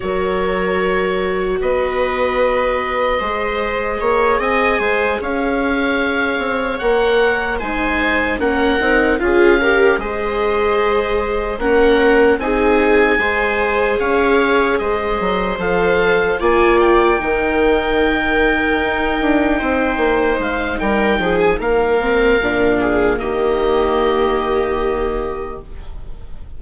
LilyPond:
<<
  \new Staff \with { instrumentName = "oboe" } { \time 4/4 \tempo 4 = 75 cis''2 dis''2~ | dis''4. gis''4 f''4.~ | f''8 fis''4 gis''4 fis''4 f''8~ | f''8 dis''2 fis''4 gis''8~ |
gis''4. f''4 dis''4 f''8~ | f''8 gis''8 g''2.~ | g''4. f''8 g''8. gis''16 f''4~ | f''4 dis''2. | }
  \new Staff \with { instrumentName = "viola" } { \time 4/4 ais'2 b'2 | c''4 cis''8 dis''8 c''8 cis''4.~ | cis''4. c''4 ais'4 gis'8 | ais'8 c''2 ais'4 gis'8~ |
gis'8 c''4 cis''4 c''4.~ | c''8 d''4 ais'2~ ais'8~ | ais'8 c''4. ais'8 gis'8 ais'4~ | ais'8 gis'8 g'2. | }
  \new Staff \with { instrumentName = "viola" } { \time 4/4 fis'1 | gis'1~ | gis'8 ais'4 dis'4 cis'8 dis'8 f'8 | g'8 gis'2 cis'4 dis'8~ |
dis'8 gis'2. a'8~ | a'8 f'4 dis'2~ dis'8~ | dis'2.~ dis'8 c'8 | d'4 ais2. | }
  \new Staff \with { instrumentName = "bassoon" } { \time 4/4 fis2 b2 | gis4 ais8 c'8 gis8 cis'4. | c'8 ais4 gis4 ais8 c'8 cis'8~ | cis'8 gis2 ais4 c'8~ |
c'8 gis4 cis'4 gis8 fis8 f8~ | f8 ais4 dis2 dis'8 | d'8 c'8 ais8 gis8 g8 f8 ais4 | ais,4 dis2. | }
>>